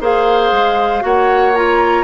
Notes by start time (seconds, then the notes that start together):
0.00 A#3 G#4 C5 F5
0.51 G#3
1.01 A#3 F#4 C#5 F#5
1.55 F4 A#5